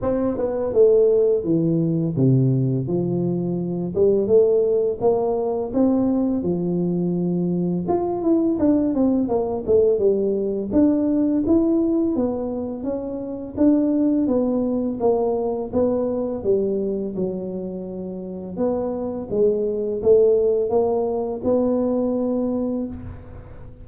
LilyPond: \new Staff \with { instrumentName = "tuba" } { \time 4/4 \tempo 4 = 84 c'8 b8 a4 e4 c4 | f4. g8 a4 ais4 | c'4 f2 f'8 e'8 | d'8 c'8 ais8 a8 g4 d'4 |
e'4 b4 cis'4 d'4 | b4 ais4 b4 g4 | fis2 b4 gis4 | a4 ais4 b2 | }